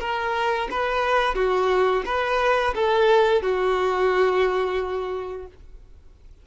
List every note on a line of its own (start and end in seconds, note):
0.00 0.68 A#4
0.71 1.35 B4
1.35 2.03 F#4
2.05 2.74 B4
2.75 3.42 A4
3.42 5.46 F#4